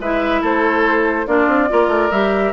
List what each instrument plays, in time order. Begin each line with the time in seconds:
0.00 bassoon G#3, clarinet E4, oboe B4, flute E5
0.42 bassoon A3, oboe A4, flute C5
1.27 bassoon A#3, clarinet D4, oboe F4, flute D5
1.48 bassoon C4
1.69 bassoon A#3, clarinet F4, oboe A#4
1.88 bassoon A3
2.11 bassoon G3, clarinet G4, flute E5